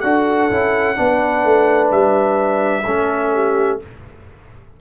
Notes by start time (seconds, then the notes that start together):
0.00 D4 F#4 A4 F#5
0.50 C#4 E4
0.95 B3 D4 B4
1.44 A3
1.91 G3 E5
2.84 A3 C#4 A4
3.33 G4